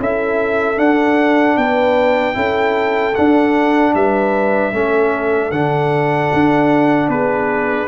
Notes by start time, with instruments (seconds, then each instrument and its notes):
0.00 tuba C#4, trombone E4, horn A4, trumpet E5
0.77 trombone D4, tuba D4, trumpet F#5
1.57 tuba B3, horn B4, trumpet G5
2.34 tuba C#4, trombone E4, horn A4
3.15 trombone D4, tuba D4, trumpet F#5
3.95 tuba G3, horn B4, trumpet E5
4.73 tuba A3, trombone C#4, horn A4
5.51 tuba D3, trombone D4, trumpet F#5
6.34 tuba D4
7.09 tuba B3, horn G#4, trumpet B4